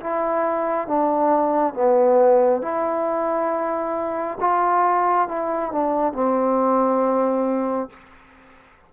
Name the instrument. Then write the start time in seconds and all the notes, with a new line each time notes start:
trombone
0.00 E4
0.87 D4
1.74 B3
2.61 E4
4.40 F4
5.28 E4
5.71 D4
6.13 C4